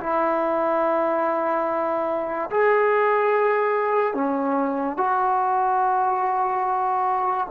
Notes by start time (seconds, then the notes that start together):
0.00 E4
2.50 G#4
4.14 C#4
4.97 F#4